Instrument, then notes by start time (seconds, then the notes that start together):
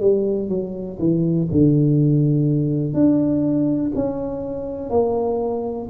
tuba
0.00 G3
0.49 F#3
0.99 E3
1.51 D3
2.93 D4
3.95 C#4
4.90 A#3